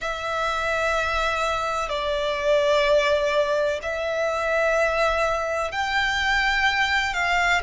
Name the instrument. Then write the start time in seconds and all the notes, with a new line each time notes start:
violin
0.01 E5
1.89 D5
3.82 E5
5.71 G5
7.13 F5